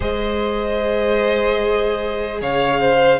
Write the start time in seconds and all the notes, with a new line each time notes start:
0.00 G#3 G#4 C5 D#5
2.41 C#3 C#5 F5
2.80 C5